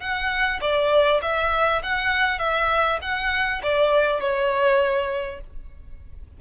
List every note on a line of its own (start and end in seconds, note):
0.00 0.60 F#5
0.61 1.21 D5
1.22 1.82 E5
1.82 2.39 F#5
2.39 2.99 E5
3.02 3.62 F#5
3.63 4.20 D5
4.20 5.40 C#5